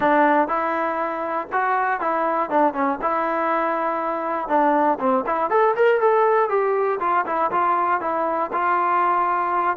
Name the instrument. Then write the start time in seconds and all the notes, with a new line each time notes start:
trombone
0.00 D4
0.48 E4
1.52 F#4
2.00 E4
2.50 D4
2.73 C#4
3.01 E4
4.48 D4
4.99 C4
5.26 E4
5.50 A4
5.76 A#4
6.00 A4
6.49 G4
7.00 F4
7.25 E4
7.51 F4
8.00 E4
8.52 F4